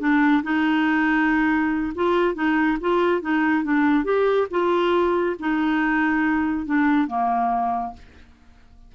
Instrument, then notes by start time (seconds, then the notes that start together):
clarinet
0.00 D4
0.43 D#4
1.95 F4
2.35 D#4
2.81 F4
3.22 D#4
3.64 D4
4.05 G4
4.51 F4
5.40 D#4
6.66 D4
7.08 A#3